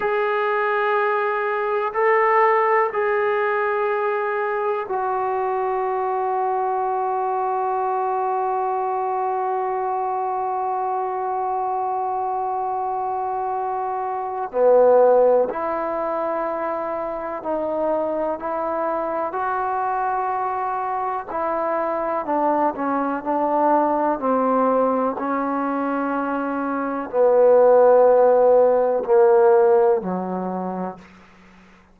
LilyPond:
\new Staff \with { instrumentName = "trombone" } { \time 4/4 \tempo 4 = 62 gis'2 a'4 gis'4~ | gis'4 fis'2.~ | fis'1~ | fis'2. b4 |
e'2 dis'4 e'4 | fis'2 e'4 d'8 cis'8 | d'4 c'4 cis'2 | b2 ais4 fis4 | }